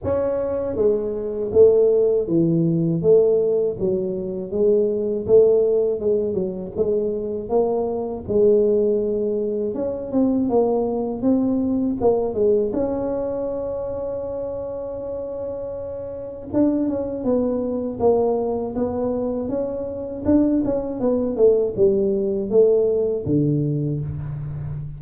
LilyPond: \new Staff \with { instrumentName = "tuba" } { \time 4/4 \tempo 4 = 80 cis'4 gis4 a4 e4 | a4 fis4 gis4 a4 | gis8 fis8 gis4 ais4 gis4~ | gis4 cis'8 c'8 ais4 c'4 |
ais8 gis8 cis'2.~ | cis'2 d'8 cis'8 b4 | ais4 b4 cis'4 d'8 cis'8 | b8 a8 g4 a4 d4 | }